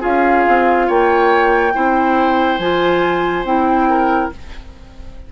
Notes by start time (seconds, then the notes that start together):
0.00 C#4 F4 G#4 F5
0.48 C4
0.87 A#3 C#5 G5
1.74 C4 E4 C5
2.59 F3 F4 G#5
3.44 C4 E4 G5
3.89 A#4